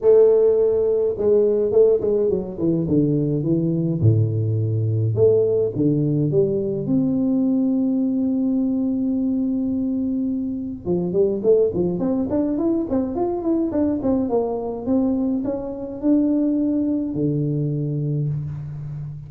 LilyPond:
\new Staff \with { instrumentName = "tuba" } { \time 4/4 \tempo 4 = 105 a2 gis4 a8 gis8 | fis8 e8 d4 e4 a,4~ | a,4 a4 d4 g4 | c'1~ |
c'2. f8 g8 | a8 f8 c'8 d'8 e'8 c'8 f'8 e'8 | d'8 c'8 ais4 c'4 cis'4 | d'2 d2 | }